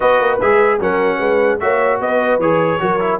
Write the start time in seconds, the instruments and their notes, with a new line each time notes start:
0.00 tuba B3, trombone F#4, horn B4, trumpet D#5
0.20 tuba A#3
0.40 tuba G#3, trombone G#4, trumpet E5
0.79 tuba F#3, trombone C#4, horn A#4, trumpet F#5
1.18 tuba G#3, horn B4
1.59 tuba A#3, trombone F#4, horn C#5, trumpet E5
2.00 tuba B3, horn B4, trumpet D#5
2.38 tuba E3, trombone G#4, trumpet C#5
2.79 tuba F#3, trombone F#4, horn A#4
2.99 trombone E4